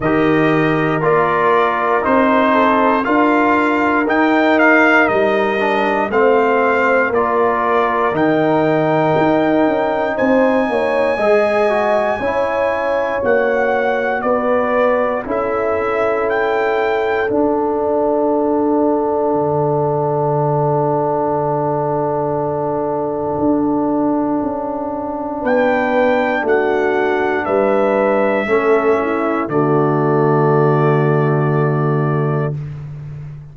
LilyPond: <<
  \new Staff \with { instrumentName = "trumpet" } { \time 4/4 \tempo 4 = 59 dis''4 d''4 c''4 f''4 | g''8 f''8 dis''4 f''4 d''4 | g''2 gis''2~ | gis''4 fis''4 d''4 e''4 |
g''4 fis''2.~ | fis''1~ | fis''4 g''4 fis''4 e''4~ | e''4 d''2. | }
  \new Staff \with { instrumentName = "horn" } { \time 4/4 ais'2~ ais'8 a'8 ais'4~ | ais'2 c''4 ais'4~ | ais'2 c''8 cis''8 dis''4 | cis''2 b'4 a'4~ |
a'1~ | a'1~ | a'4 b'4 fis'4 b'4 | a'8 e'8 fis'2. | }
  \new Staff \with { instrumentName = "trombone" } { \time 4/4 g'4 f'4 dis'4 f'4 | dis'4. d'8 c'4 f'4 | dis'2. gis'8 fis'8 | e'4 fis'2 e'4~ |
e'4 d'2.~ | d'1~ | d'1 | cis'4 a2. | }
  \new Staff \with { instrumentName = "tuba" } { \time 4/4 dis4 ais4 c'4 d'4 | dis'4 g4 a4 ais4 | dis4 dis'8 cis'8 c'8 ais8 gis4 | cis'4 ais4 b4 cis'4~ |
cis'4 d'2 d4~ | d2. d'4 | cis'4 b4 a4 g4 | a4 d2. | }
>>